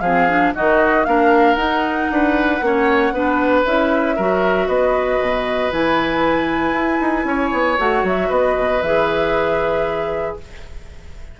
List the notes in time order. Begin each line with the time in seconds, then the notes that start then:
0.00 F3 C4 G#4 F5
0.28 D4
0.54 D#3 D#4 F#4 D#5
1.04 A#3 D4 A#4 F5
1.54 D#4 F#5
2.10 D4 B4
2.61 A#3 C#4 C#5
3.11 B3 D4 B4
3.65 C#4 E4 E5
4.16 F#3 F#4 A#4
4.67 B3 B4 D#5
5.20 B2
5.71 E3 E4 G#5
6.72 E4
7.01 D#4
7.24 C#4 C#5
7.52 B3
7.78 A3 F#4 F#5
8.03 F#3 E5
8.28 B3 B4 D#5
8.57 B2
8.81 E3 G#4 E5